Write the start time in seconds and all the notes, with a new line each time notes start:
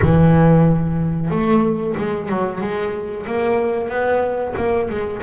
0.01 E3
1.30 A3
1.97 G#3
2.28 F#3
2.61 G#3
3.26 A#3
3.89 B3
4.56 A#3
4.89 G#3